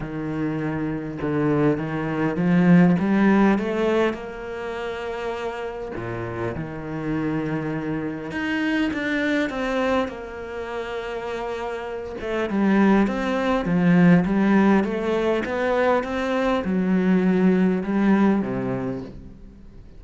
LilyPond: \new Staff \with { instrumentName = "cello" } { \time 4/4 \tempo 4 = 101 dis2 d4 dis4 | f4 g4 a4 ais4~ | ais2 ais,4 dis4~ | dis2 dis'4 d'4 |
c'4 ais2.~ | ais8 a8 g4 c'4 f4 | g4 a4 b4 c'4 | fis2 g4 c4 | }